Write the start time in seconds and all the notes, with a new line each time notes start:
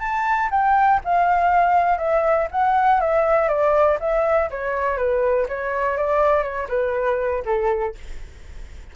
0.00 A5
0.51 G5
1.05 F5
1.98 E5
2.52 F#5
3.01 E5
3.49 D5
4.00 E5
4.51 C#5
4.97 B4
5.49 C#5
5.97 D5
6.43 C#5
6.69 B4
7.46 A4